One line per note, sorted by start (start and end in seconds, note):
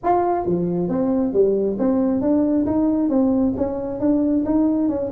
0.03 0.46 F4
0.46 0.88 F3
0.88 1.33 C4
1.33 1.77 G3
1.78 2.21 C4
2.21 2.65 D4
2.65 3.09 D#4
3.09 3.53 C4
3.57 4.00 C#4
4.00 4.44 D4
4.45 4.88 D#4
4.88 5.11 C#4